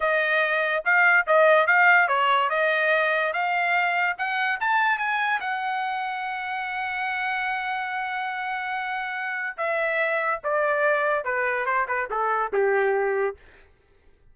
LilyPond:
\new Staff \with { instrumentName = "trumpet" } { \time 4/4 \tempo 4 = 144 dis''2 f''4 dis''4 | f''4 cis''4 dis''2 | f''2 fis''4 a''4 | gis''4 fis''2.~ |
fis''1~ | fis''2. e''4~ | e''4 d''2 b'4 | c''8 b'8 a'4 g'2 | }